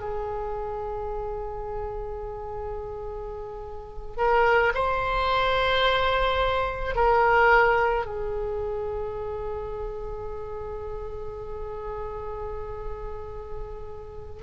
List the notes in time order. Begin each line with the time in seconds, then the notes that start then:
0.00 G#4
4.17 A#4
4.74 C5
6.95 A#4
8.06 G#4